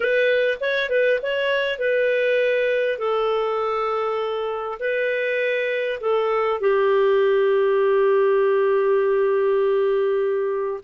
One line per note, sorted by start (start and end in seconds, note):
0.00 0.58 B4
0.60 0.89 C#5
0.89 1.19 B4
1.22 1.78 C#5
1.78 2.98 B4
2.98 4.78 A4
4.79 5.99 B4
6.00 6.60 A4
6.60 10.80 G4